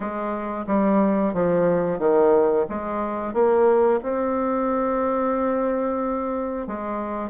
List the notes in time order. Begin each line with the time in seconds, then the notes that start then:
0.00 G#3
0.66 G3
1.33 F3
1.98 D#3
2.69 G#3
3.33 A#3
4.02 C4
6.67 G#3